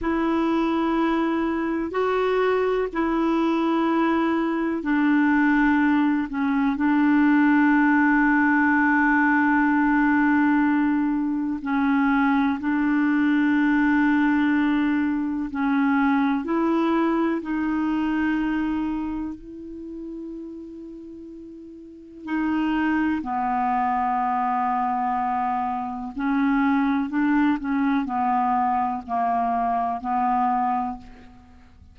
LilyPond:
\new Staff \with { instrumentName = "clarinet" } { \time 4/4 \tempo 4 = 62 e'2 fis'4 e'4~ | e'4 d'4. cis'8 d'4~ | d'1 | cis'4 d'2. |
cis'4 e'4 dis'2 | e'2. dis'4 | b2. cis'4 | d'8 cis'8 b4 ais4 b4 | }